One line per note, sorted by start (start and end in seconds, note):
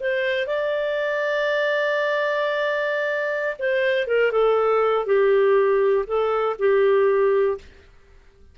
0.00 0.47 C5
0.47 3.57 D5
3.59 4.07 C5
4.07 4.32 A#4
4.32 5.06 A4
5.06 6.05 G4
6.07 6.56 A4
6.59 7.58 G4